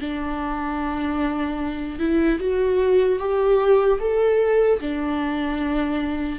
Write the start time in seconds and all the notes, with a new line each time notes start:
0.00 D4
1.99 E4
2.39 F#4
3.19 G4
4.00 A4
4.80 D4